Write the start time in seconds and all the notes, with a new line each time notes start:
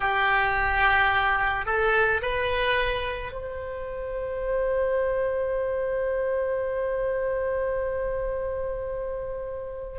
0.00 G4
1.65 A4
2.22 B4
3.32 C5